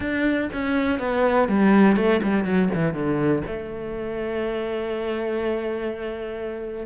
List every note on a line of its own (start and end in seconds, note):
0.00 0.49 D4
0.52 0.99 C#4
0.99 1.48 B3
1.48 1.96 G3
1.96 2.20 A3
2.22 2.44 G3
2.44 2.69 F#3
2.74 2.93 E3
2.93 3.42 D3
3.46 6.86 A3